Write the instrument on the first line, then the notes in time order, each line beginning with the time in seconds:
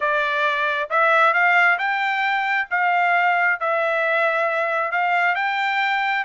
trumpet
0.00 D5
0.90 E5
1.33 F5
1.78 G5
2.70 F5
3.59 E5
4.91 F5
5.35 G5